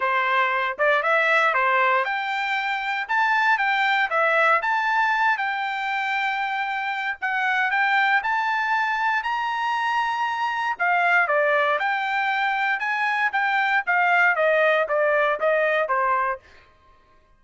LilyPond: \new Staff \with { instrumentName = "trumpet" } { \time 4/4 \tempo 4 = 117 c''4. d''8 e''4 c''4 | g''2 a''4 g''4 | e''4 a''4. g''4.~ | g''2 fis''4 g''4 |
a''2 ais''2~ | ais''4 f''4 d''4 g''4~ | g''4 gis''4 g''4 f''4 | dis''4 d''4 dis''4 c''4 | }